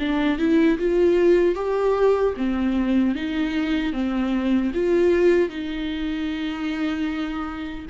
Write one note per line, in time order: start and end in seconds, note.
0.00 0.39 D4
0.39 0.78 E4
0.79 1.55 F4
1.55 2.34 G4
2.37 3.16 C4
3.16 3.93 D#4
3.93 4.72 C4
4.74 5.50 F4
5.50 7.87 D#4